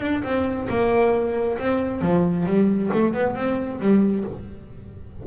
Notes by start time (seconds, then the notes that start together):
0.00 D4
0.23 C4
0.69 A#3
1.58 C4
2.01 F3
2.46 G3
2.93 A3
3.13 B3
3.35 C4
3.80 G3